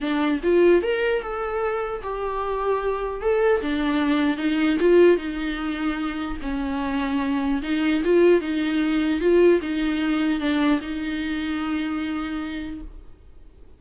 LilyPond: \new Staff \with { instrumentName = "viola" } { \time 4/4 \tempo 4 = 150 d'4 f'4 ais'4 a'4~ | a'4 g'2. | a'4 d'2 dis'4 | f'4 dis'2. |
cis'2. dis'4 | f'4 dis'2 f'4 | dis'2 d'4 dis'4~ | dis'1 | }